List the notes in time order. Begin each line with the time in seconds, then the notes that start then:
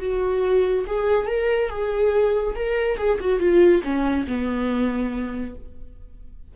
0.00 F#4
0.87 G#4
1.27 A#4
1.69 G#4
2.55 A#4
2.97 G#4
3.20 F#4
3.40 F4
3.83 C#4
4.27 B3